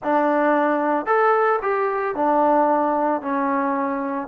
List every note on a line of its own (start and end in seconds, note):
0.03 1.06 D4
1.06 1.59 A4
1.61 2.15 G4
2.15 3.21 D4
3.21 4.28 C#4